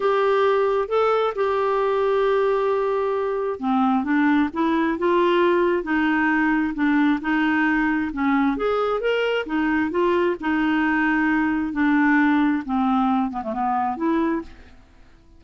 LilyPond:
\new Staff \with { instrumentName = "clarinet" } { \time 4/4 \tempo 4 = 133 g'2 a'4 g'4~ | g'1 | c'4 d'4 e'4 f'4~ | f'4 dis'2 d'4 |
dis'2 cis'4 gis'4 | ais'4 dis'4 f'4 dis'4~ | dis'2 d'2 | c'4. b16 a16 b4 e'4 | }